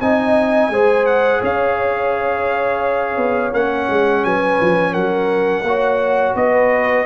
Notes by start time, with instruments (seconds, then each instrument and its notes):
0.00 tuba C4, trombone D#4, horn D#5, trumpet G#5
0.69 tuba G#3, trombone G#4, horn C5
1.06 trumpet F#5
1.40 tuba C#4, horn C#5, trumpet F5
3.16 tuba B3
3.53 tuba A#3, trombone C#4, trumpet F#5
3.89 tuba G#3
4.24 tuba F#3, horn B4, trumpet G#5
4.60 tuba F3
4.91 tuba F#3, horn A#4, trumpet F#5
5.63 tuba A#3, trombone F#4, horn C#5
6.35 tuba B3, horn B4, trumpet D#5